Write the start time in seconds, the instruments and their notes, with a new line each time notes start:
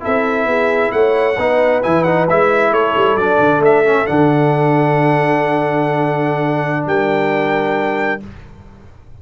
0.00 tuba C4, trombone E4, horn A4, trumpet E5
0.45 tuba B3, horn G#4
0.92 tuba A3, horn C#5, trumpet F#5
1.37 tuba B3, trombone D#4, horn B4
1.83 tuba E3, trombone E4, trumpet G#5
2.04 trombone D#4, trumpet F#5
2.29 tuba G#3, trombone E4, trumpet E5
2.72 tuba A3, horn A4, trumpet C#5
2.96 tuba G3
3.16 tuba F#3, trombone D4, trumpet D5
3.39 tuba D3
3.59 tuba A3, trumpet E5
3.85 trombone C#4
4.06 tuba D3, trombone D4, trumpet F#5
6.86 tuba G3, horn A#4, trumpet G5